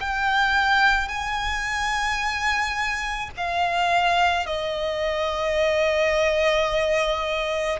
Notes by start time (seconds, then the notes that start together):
0.00 G5
1.08 G#5
3.36 F5
4.46 D#5